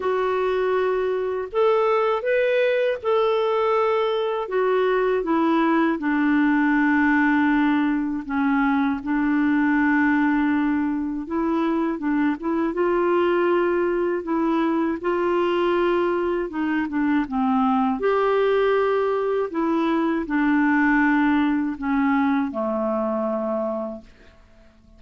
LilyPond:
\new Staff \with { instrumentName = "clarinet" } { \time 4/4 \tempo 4 = 80 fis'2 a'4 b'4 | a'2 fis'4 e'4 | d'2. cis'4 | d'2. e'4 |
d'8 e'8 f'2 e'4 | f'2 dis'8 d'8 c'4 | g'2 e'4 d'4~ | d'4 cis'4 a2 | }